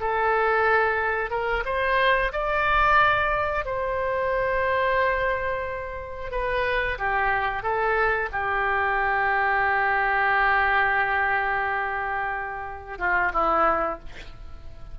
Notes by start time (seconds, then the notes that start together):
0.00 A4
1.30 A#4
1.65 C5
2.32 D5
3.65 C5
6.32 B4
6.98 G4
7.63 A4
8.32 G4
12.99 F4
13.33 E4